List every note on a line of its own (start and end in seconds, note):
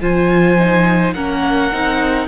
0.00 1.13 F3
0.00 0.57 F4
0.00 1.14 C5
0.00 1.13 G#5
0.58 1.15 D#4
1.13 1.70 A#3
1.13 1.72 C#4
1.13 2.27 A#4
1.13 2.26 F#5
1.72 2.27 C4
1.72 2.27 D#4